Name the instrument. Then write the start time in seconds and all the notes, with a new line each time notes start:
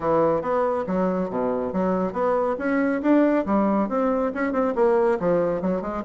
bassoon
0.00 E3
0.41 B3
0.87 F#3
1.29 B2
1.72 F#3
2.12 B3
2.58 C#4
3.01 D4
3.45 G3
3.88 C4
4.34 C#4
4.52 C4
4.75 A#3
5.19 F3
5.61 F#3
5.81 G#3